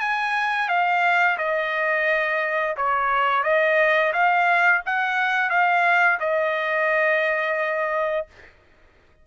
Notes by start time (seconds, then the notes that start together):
0.00 G#5
0.69 F5
1.38 D#5
2.76 C#5
3.44 D#5
4.13 F5
4.86 F#5
5.50 F5
6.20 D#5